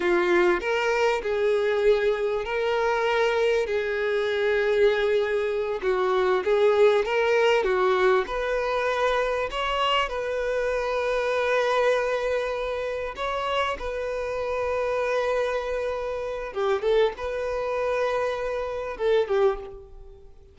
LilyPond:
\new Staff \with { instrumentName = "violin" } { \time 4/4 \tempo 4 = 98 f'4 ais'4 gis'2 | ais'2 gis'2~ | gis'4. fis'4 gis'4 ais'8~ | ais'8 fis'4 b'2 cis''8~ |
cis''8 b'2.~ b'8~ | b'4. cis''4 b'4.~ | b'2. g'8 a'8 | b'2. a'8 g'8 | }